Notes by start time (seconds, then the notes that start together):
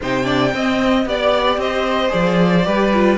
0.01 C3 D#4 C5 G5
0.23 D4 D5
0.53 C4 D#5
1.05 B3 G4 D5
1.57 C4 C5 D#5
2.08 F3 G#4 D5
2.64 G3 G4 B4
2.93 F4